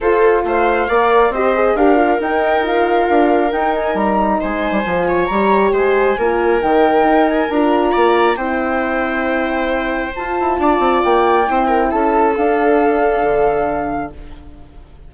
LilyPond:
<<
  \new Staff \with { instrumentName = "flute" } { \time 4/4 \tempo 4 = 136 c''4 f''2 dis''4 | f''4 g''4 f''2 | g''8 gis''8 ais''4 gis''2 | ais''4 gis''2 g''4~ |
g''8 gis''8 ais''2 g''4~ | g''2. a''4~ | a''4 g''2 a''4 | f''1 | }
  \new Staff \with { instrumentName = "viola" } { \time 4/4 a'4 c''4 d''4 c''4 | ais'1~ | ais'2 c''4. cis''8~ | cis''4 c''4 ais'2~ |
ais'2 d''4 c''4~ | c''1 | d''2 c''8 ais'8 a'4~ | a'1 | }
  \new Staff \with { instrumentName = "horn" } { \time 4/4 f'2 ais'4 g'8 gis'8 | g'8 f'8 dis'4 f'2 | dis'2. f'4 | g'2 f'4 dis'4~ |
dis'4 f'2 e'4~ | e'2. f'4~ | f'2 e'2 | d'1 | }
  \new Staff \with { instrumentName = "bassoon" } { \time 4/4 f'4 a4 ais4 c'4 | d'4 dis'2 d'4 | dis'4 g4 gis8. g16 f4 | g4 gis4 ais4 dis4 |
dis'4 d'4 ais4 c'4~ | c'2. f'8 e'8 | d'8 c'8 ais4 c'4 cis'4 | d'2 d2 | }
>>